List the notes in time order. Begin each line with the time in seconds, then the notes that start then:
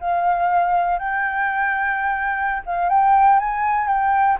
0.00 F5
0.99 G5
2.65 F5
2.89 G5
3.39 G#5
3.87 G5